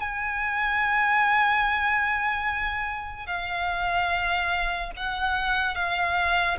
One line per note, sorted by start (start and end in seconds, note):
0.00 3.27 G#5
3.27 4.91 F5
4.97 5.75 F#5
5.75 6.57 F5